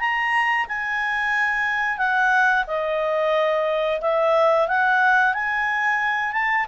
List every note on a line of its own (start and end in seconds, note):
0.00 0.67 A#5
0.68 1.98 G#5
1.98 2.65 F#5
2.68 4.01 D#5
4.02 4.68 E5
4.68 5.34 F#5
5.34 6.33 G#5
6.33 6.66 A5